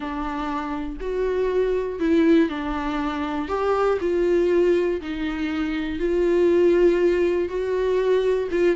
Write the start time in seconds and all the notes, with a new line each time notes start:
0.00 D4
1.00 F#4
1.99 E4
2.49 D4
3.48 G4
4.00 F4
5.01 D#4
5.99 F4
7.48 F#4
8.51 F4